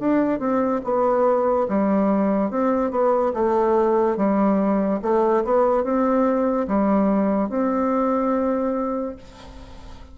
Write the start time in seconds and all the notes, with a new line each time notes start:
0.00 D4
0.40 C4
0.84 B3
1.69 G3
2.51 C4
2.91 B3
3.34 A3
4.17 G3
5.02 A3
5.45 B3
5.84 C4
6.68 G3
7.49 C4